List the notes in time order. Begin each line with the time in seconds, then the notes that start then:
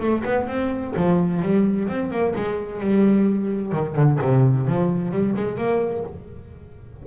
0.00 A3
0.24 B3
0.47 C4
0.96 F3
1.42 G3
1.88 C4
2.11 A#3
2.35 G#3
2.80 G3
3.72 D#3
3.95 D3
4.21 C3
4.67 F3
5.11 G3
5.36 G#3
5.57 A#3